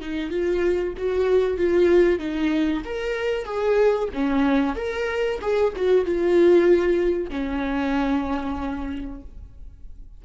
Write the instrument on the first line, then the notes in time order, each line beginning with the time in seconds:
viola
0.00 D#4
0.30 F4
0.97 F#4
1.57 F4
2.18 D#4
2.84 A#4
3.44 G#4
4.13 C#4
4.75 A#4
5.41 G#4
5.75 F#4
6.05 F4
7.29 C#4